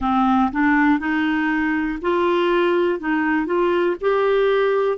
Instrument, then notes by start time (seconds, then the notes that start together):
clarinet
0.00 C4
0.51 D4
0.99 D#4
2.01 F4
2.99 D#4
3.45 F4
4.00 G4